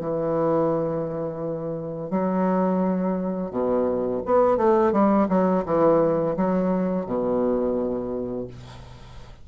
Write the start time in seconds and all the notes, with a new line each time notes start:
0.00 E3
2.10 F#3
3.51 B2
4.26 B3
4.57 A3
4.93 G3
5.29 F#3
5.66 E3
6.37 F#3
7.06 B2